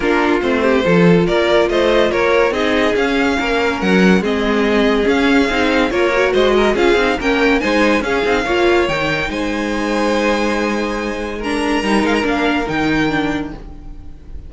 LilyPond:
<<
  \new Staff \with { instrumentName = "violin" } { \time 4/4 \tempo 4 = 142 ais'4 c''2 d''4 | dis''4 cis''4 dis''4 f''4~ | f''4 fis''4 dis''2 | f''2 cis''4 dis''4 |
f''4 g''4 gis''4 f''4~ | f''4 g''4 gis''2~ | gis''2. ais''4~ | ais''8 f''16 ais''16 f''4 g''2 | }
  \new Staff \with { instrumentName = "violin" } { \time 4/4 f'4. g'8 a'4 ais'4 | c''4 ais'4 gis'2 | ais'2 gis'2~ | gis'2 ais'4 c''8 ais'8 |
gis'4 ais'4 c''4 gis'4 | cis''2 c''2~ | c''2. ais'4~ | ais'1 | }
  \new Staff \with { instrumentName = "viola" } { \time 4/4 d'4 c'4 f'2~ | f'2 dis'4 cis'4~ | cis'2 c'2 | cis'4 dis'4 f'8 fis'4. |
f'8 dis'8 cis'4 dis'4 cis'8 dis'8 | f'4 dis'2.~ | dis'2. d'4 | dis'4 d'4 dis'4 d'4 | }
  \new Staff \with { instrumentName = "cello" } { \time 4/4 ais4 a4 f4 ais4 | a4 ais4 c'4 cis'4 | ais4 fis4 gis2 | cis'4 c'4 ais4 gis4 |
cis'8 c'8 ais4 gis4 cis'8 c'8 | ais4 dis4 gis2~ | gis1 | g8 gis8 ais4 dis2 | }
>>